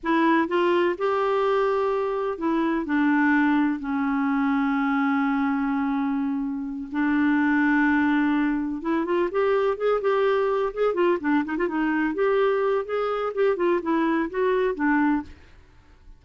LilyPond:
\new Staff \with { instrumentName = "clarinet" } { \time 4/4 \tempo 4 = 126 e'4 f'4 g'2~ | g'4 e'4 d'2 | cis'1~ | cis'2~ cis'8 d'4.~ |
d'2~ d'8 e'8 f'8 g'8~ | g'8 gis'8 g'4. gis'8 f'8 d'8 | dis'16 f'16 dis'4 g'4. gis'4 | g'8 f'8 e'4 fis'4 d'4 | }